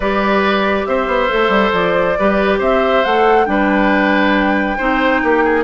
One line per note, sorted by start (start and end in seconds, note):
0.00 0.86 G3
0.00 1.29 G4
0.00 0.87 B4
0.00 0.85 D5
0.85 1.07 C4
0.85 2.18 C5
0.85 1.72 E5
1.07 1.28 B3
1.29 1.48 A3
1.29 2.16 A4
1.48 1.70 G3
1.73 2.16 F3
1.73 2.60 D5
2.18 2.60 G3
2.18 3.05 G4
2.18 2.58 B4
2.58 3.03 C4
2.58 3.45 C5
2.58 3.04 E5
3.04 3.47 A3
3.04 3.46 A4
3.04 3.45 F#5
3.45 4.77 G3
3.45 4.77 D4
3.45 4.77 B4
3.45 5.62 G5
4.77 5.23 C4
4.77 5.63 D#4
4.77 5.21 C5
5.23 5.63 A#3
5.23 5.43 G4
5.43 5.63 G#4